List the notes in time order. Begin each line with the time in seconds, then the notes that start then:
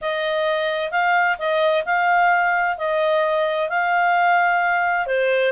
0.01 D#5
0.91 F5
1.38 D#5
1.85 F5
2.77 D#5
3.69 F5
5.06 C5